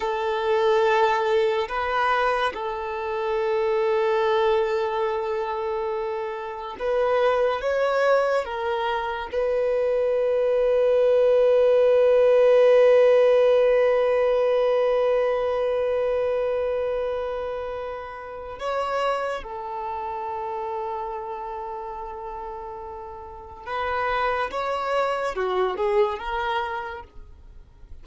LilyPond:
\new Staff \with { instrumentName = "violin" } { \time 4/4 \tempo 4 = 71 a'2 b'4 a'4~ | a'1 | b'4 cis''4 ais'4 b'4~ | b'1~ |
b'1~ | b'2 cis''4 a'4~ | a'1 | b'4 cis''4 fis'8 gis'8 ais'4 | }